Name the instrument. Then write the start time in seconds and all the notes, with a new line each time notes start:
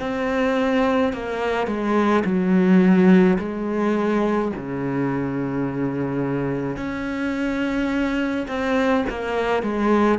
cello
0.00 C4
1.13 A#3
1.67 G#3
2.25 F#3
3.39 G#3
4.56 C#3
6.77 C#4
8.48 C4
9.10 A#3
9.63 G#3